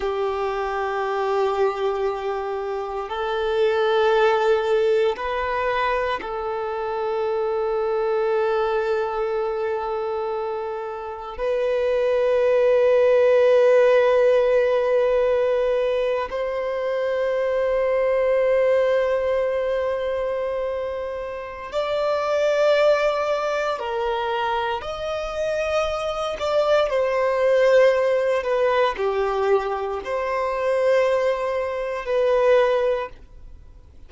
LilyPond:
\new Staff \with { instrumentName = "violin" } { \time 4/4 \tempo 4 = 58 g'2. a'4~ | a'4 b'4 a'2~ | a'2. b'4~ | b'2.~ b'8. c''16~ |
c''1~ | c''4 d''2 ais'4 | dis''4. d''8 c''4. b'8 | g'4 c''2 b'4 | }